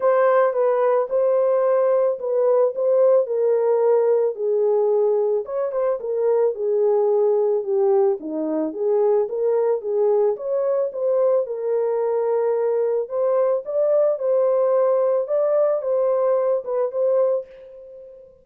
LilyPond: \new Staff \with { instrumentName = "horn" } { \time 4/4 \tempo 4 = 110 c''4 b'4 c''2 | b'4 c''4 ais'2 | gis'2 cis''8 c''8 ais'4 | gis'2 g'4 dis'4 |
gis'4 ais'4 gis'4 cis''4 | c''4 ais'2. | c''4 d''4 c''2 | d''4 c''4. b'8 c''4 | }